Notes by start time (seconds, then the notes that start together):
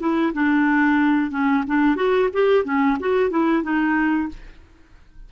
0.00 E4
0.34 D4
1.31 C#4
1.68 D4
1.96 F#4
2.33 G4
2.65 C#4
3.00 F#4
3.31 E4
3.63 D#4